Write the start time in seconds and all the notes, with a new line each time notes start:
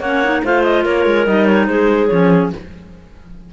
0.00 A#3 C#4 C#5 F#5
0.24 D#4
0.44 A3 F4 C5 F5
0.63 D#5
0.84 A#3 A#4 C#5
1.06 G#3
1.26 G3 D#4 D#5
1.46 C#5
1.67 G#3 G#4 C5
2.07 F3 C#4 C#5